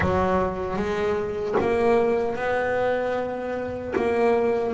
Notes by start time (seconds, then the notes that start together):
0.00 F#3
0.76 G#3
1.60 A#3
2.35 B3
3.96 A#3